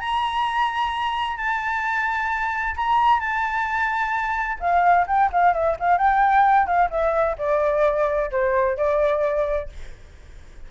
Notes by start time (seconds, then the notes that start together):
0.00 A#5
1.37 A5
2.76 A#5
3.20 A5
4.60 F5
5.07 G5
5.32 F5
5.54 E5
5.79 F5
5.98 G5
6.67 F5
6.90 E5
7.38 D5
8.31 C5
8.77 D5